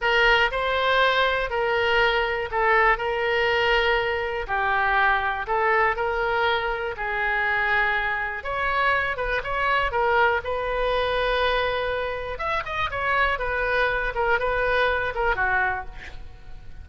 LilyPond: \new Staff \with { instrumentName = "oboe" } { \time 4/4 \tempo 4 = 121 ais'4 c''2 ais'4~ | ais'4 a'4 ais'2~ | ais'4 g'2 a'4 | ais'2 gis'2~ |
gis'4 cis''4. b'8 cis''4 | ais'4 b'2.~ | b'4 e''8 dis''8 cis''4 b'4~ | b'8 ais'8 b'4. ais'8 fis'4 | }